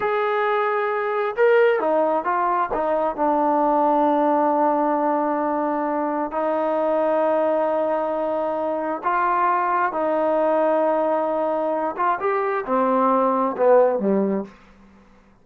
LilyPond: \new Staff \with { instrumentName = "trombone" } { \time 4/4 \tempo 4 = 133 gis'2. ais'4 | dis'4 f'4 dis'4 d'4~ | d'1~ | d'2 dis'2~ |
dis'1 | f'2 dis'2~ | dis'2~ dis'8 f'8 g'4 | c'2 b4 g4 | }